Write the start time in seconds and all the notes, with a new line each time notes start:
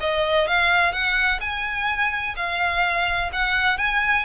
0.00 D#5
0.47 F5
0.92 F#5
1.40 G#5
2.36 F5
3.32 F#5
3.78 G#5